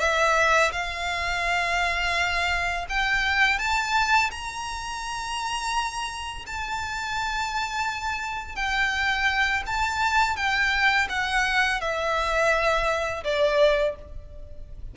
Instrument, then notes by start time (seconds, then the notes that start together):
violin
0.00 E5
0.72 F5
2.90 G5
3.59 A5
4.31 A#5
6.47 A5
8.56 G5
9.67 A5
10.37 G5
11.10 F#5
11.81 E5
13.24 D5